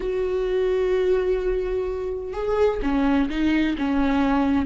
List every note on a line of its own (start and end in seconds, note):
0.00 2.33 F#4
2.33 2.80 G#4
2.82 3.29 C#4
3.29 3.76 D#4
3.77 4.66 C#4